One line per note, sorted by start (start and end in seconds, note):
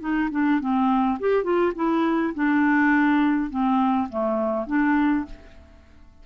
0.00 0.29 D#4
0.31 0.60 D4
0.60 1.18 C4
1.20 1.44 G4
1.44 1.73 F4
1.75 2.34 E4
2.35 3.50 D4
3.50 4.08 C4
4.09 4.67 A3
4.67 5.25 D4